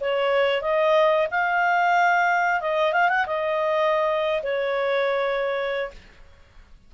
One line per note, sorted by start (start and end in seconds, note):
0.00 0.61 C#5
0.61 1.27 D#5
1.30 2.60 F5
2.60 2.93 D#5
2.93 3.09 F5
3.09 3.25 F#5
3.26 4.41 D#5
4.42 5.91 C#5